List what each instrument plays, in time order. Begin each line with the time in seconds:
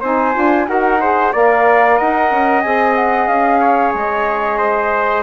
0.00 bassoon C4, saxophone D#4, trumpet C5, flute G#5
0.34 bassoon D4, saxophone F4
0.65 bassoon D#4, saxophone F#4, trumpet A#4, flute F#5
1.01 saxophone G#4, trumpet C5
1.32 bassoon A#3, saxophone A#4, trumpet D5, flute F5
1.97 bassoon D#4, trumpet D#5, flute F#5
2.31 bassoon C#4
2.61 bassoon C4, saxophone G#4, flute G#5
2.95 flute F#5
3.27 bassoon C#4, flute F5
3.60 trumpet C#5
3.94 bassoon G#3, flute D#5
4.58 trumpet C5